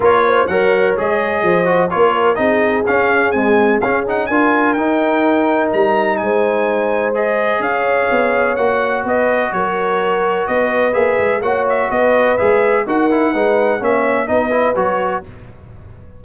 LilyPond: <<
  \new Staff \with { instrumentName = "trumpet" } { \time 4/4 \tempo 4 = 126 cis''4 fis''4 dis''2 | cis''4 dis''4 f''4 gis''4 | f''8 fis''8 gis''4 g''2 | ais''4 gis''2 dis''4 |
f''2 fis''4 dis''4 | cis''2 dis''4 e''4 | fis''8 e''8 dis''4 e''4 fis''4~ | fis''4 e''4 dis''4 cis''4 | }
  \new Staff \with { instrumentName = "horn" } { \time 4/4 ais'8 c''8 cis''2 c''4 | ais'4 gis'2.~ | gis'4 ais'2.~ | ais'4 c''2. |
cis''2. b'4 | ais'2 b'2 | cis''4 b'2 ais'4 | b'4 cis''4 b'2 | }
  \new Staff \with { instrumentName = "trombone" } { \time 4/4 f'4 ais'4 gis'4. fis'8 | f'4 dis'4 cis'4 gis4 | cis'8 dis'8 f'4 dis'2~ | dis'2. gis'4~ |
gis'2 fis'2~ | fis'2. gis'4 | fis'2 gis'4 fis'8 e'8 | dis'4 cis'4 dis'8 e'8 fis'4 | }
  \new Staff \with { instrumentName = "tuba" } { \time 4/4 ais4 fis4 gis4 f4 | ais4 c'4 cis'4 c'4 | cis'4 d'4 dis'2 | g4 gis2. |
cis'4 b4 ais4 b4 | fis2 b4 ais8 gis8 | ais4 b4 gis4 dis'4 | gis4 ais4 b4 fis4 | }
>>